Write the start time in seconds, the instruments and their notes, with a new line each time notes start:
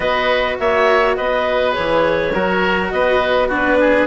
0.00 bassoon B3, cello F#4, oboe B4, clarinet D#5
0.59 bassoon A#3, oboe C#5, clarinet E5
1.16 bassoon B3, oboe B4, clarinet D#5
1.72 cello G#4, clarinet C#5
1.78 bassoon E3
2.33 bassoon F#3, cello F#4, oboe A#4
2.90 bassoon B3, oboe B4, clarinet D#5
3.48 cello D4, oboe F#4, clarinet B4
3.80 oboe G#4